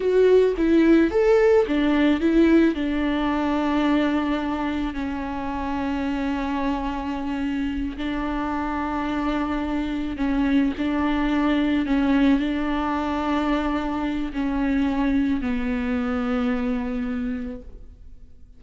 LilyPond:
\new Staff \with { instrumentName = "viola" } { \time 4/4 \tempo 4 = 109 fis'4 e'4 a'4 d'4 | e'4 d'2.~ | d'4 cis'2.~ | cis'2~ cis'8 d'4.~ |
d'2~ d'8 cis'4 d'8~ | d'4. cis'4 d'4.~ | d'2 cis'2 | b1 | }